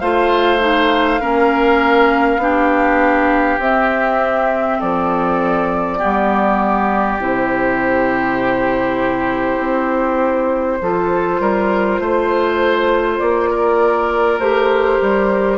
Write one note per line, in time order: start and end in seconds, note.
0.00 1.21 A3
0.00 0.59 F4
0.00 1.21 C5
0.00 3.60 F5
0.59 1.20 D#4
1.21 2.38 A#3
1.21 2.40 C#4
1.21 2.41 A#4
2.38 3.58 B3
2.38 3.60 D4
2.38 4.79 G4
3.59 4.79 C4
3.59 5.99 C4
3.59 4.81 E5
4.79 6.02 F3
4.79 5.98 A4
4.79 7.21 D5
5.98 7.20 G3
5.98 7.19 B3
5.98 10.78 G4
7.20 9.59 C3
7.20 10.80 E4
7.20 13.19 C5
9.59 10.79 C4
10.81 11.40 F3
10.81 14.41 F4
10.81 11.41 A4
11.40 12.00 G3
11.40 12.01 A#4
12.00 13.20 A3
12.00 13.51 C5
13.19 14.39 A#3
13.19 14.39 D5
13.51 15.58 A#4
14.39 14.99 A3
14.39 15.58 G4
14.39 15.58 C5
15.02 15.58 G3